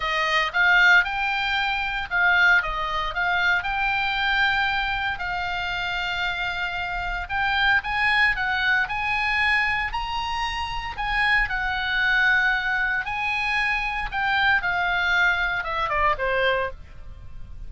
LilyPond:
\new Staff \with { instrumentName = "oboe" } { \time 4/4 \tempo 4 = 115 dis''4 f''4 g''2 | f''4 dis''4 f''4 g''4~ | g''2 f''2~ | f''2 g''4 gis''4 |
fis''4 gis''2 ais''4~ | ais''4 gis''4 fis''2~ | fis''4 gis''2 g''4 | f''2 e''8 d''8 c''4 | }